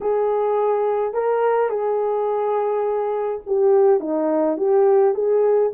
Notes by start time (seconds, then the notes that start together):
0.00 G#4
1.13 A#4
1.69 G#4
3.46 G4
4.00 D#4
4.57 G4
5.14 G#4